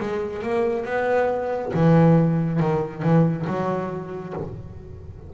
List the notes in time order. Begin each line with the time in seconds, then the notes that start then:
0.00 G#3
0.42 A#3
0.85 B3
1.74 E3
2.60 D#3
3.02 E3
3.47 F#3